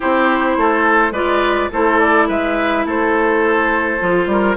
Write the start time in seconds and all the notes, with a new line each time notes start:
0.00 C4 E4 G4 C5
0.57 A3 A4
1.11 G#3 F4 B4 D5
1.72 A3 E4 A4 C5
1.99 D5
2.27 G#3 B4 E5
2.85 A3 A4 C5
3.99 F3 F4
4.26 G3 A#4